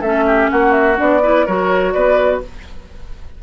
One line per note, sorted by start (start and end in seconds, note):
0.00 0.49 A3
0.00 0.96 C#4
0.00 0.24 A4
0.00 0.49 E5
0.26 0.50 G4
0.50 0.99 A#3
0.50 1.22 F#4
0.50 0.72 F#5
0.72 0.96 E5
0.96 1.47 B3
0.96 1.20 D4
0.96 1.46 D5
1.22 1.46 E4
1.22 1.46 B4
1.46 1.95 F#3
1.46 2.42 F#4
1.46 1.93 A#4
1.46 1.92 C#5
1.92 2.43 B3
1.92 2.41 B4
1.92 2.40 D5